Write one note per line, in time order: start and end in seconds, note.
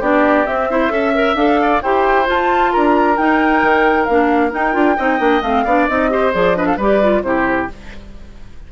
0.00 0.46 B3
0.00 0.46 D4
0.00 0.68 G4
0.00 0.46 D5
0.46 0.90 C4
0.46 0.71 C4
0.46 1.36 E5
0.71 0.90 E4
0.71 0.92 C5
0.90 1.35 C#4
0.90 1.12 A4
0.90 1.60 E5
1.14 1.37 A#4
1.35 1.80 D4
1.35 1.82 A4
1.35 1.81 F5
1.61 1.83 D5
1.82 2.29 E4
1.82 2.25 G4
1.82 2.73 C5
1.82 2.27 G5
2.25 3.16 F4
2.25 2.75 F4
2.25 2.72 A5
2.72 3.18 D4
2.72 4.97 A#4
2.72 3.17 A#5
3.17 4.08 D#4
3.17 3.62 D#4
3.17 4.05 G5
3.62 4.07 D#3
4.05 4.54 A#3
4.05 4.51 D4
4.05 4.50 F5
4.51 4.73 D#4
4.51 4.74 D#4
4.51 5.42 G5
4.73 4.97 D4
4.73 4.95 F4
4.97 5.19 C4
4.97 5.19 D#4
4.97 5.65 D#5
5.19 5.42 A#3
5.19 5.41 D4
5.42 5.65 A3
5.42 5.66 C4
5.42 5.87 F5
5.65 5.88 B3
5.65 5.89 D4
5.65 6.10 D5
5.88 6.34 C4
5.88 6.10 D#4
5.88 6.33 D#5
6.10 6.32 G4
6.10 6.57 C5
6.33 6.77 F3
6.33 6.55 G#4
6.33 6.56 D5
6.55 6.77 D4
6.55 6.66 B4
6.55 6.67 D#5
6.66 6.76 A4
6.66 6.78 F5
6.76 7.22 G3
6.76 7.02 G4
6.76 7.22 B4
6.76 7.23 D5
7.02 7.23 F4
7.22 7.67 C3
7.22 7.69 E4
7.22 7.72 G4
7.22 7.68 C5